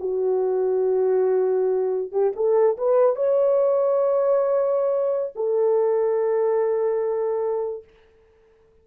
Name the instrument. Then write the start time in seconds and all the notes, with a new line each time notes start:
horn
0.00 F#4
2.12 G4
2.36 A4
2.77 B4
3.16 C#5
5.35 A4